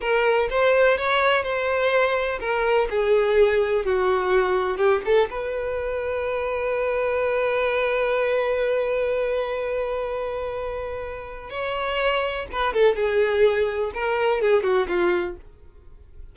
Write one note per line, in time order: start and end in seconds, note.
0.00 0.48 A#4
0.50 0.97 C5
0.97 1.43 C#5
1.43 2.39 C5
2.40 2.88 A#4
2.90 3.85 G#4
3.85 4.77 F#4
4.77 5.01 G4
5.05 5.29 A4
5.30 11.50 B4
11.50 12.46 C#5
12.51 12.73 B4
12.73 12.95 A4
12.95 13.91 G#4
13.94 14.41 A#4
14.41 14.63 G#4
14.63 14.87 F#4
14.88 15.36 F4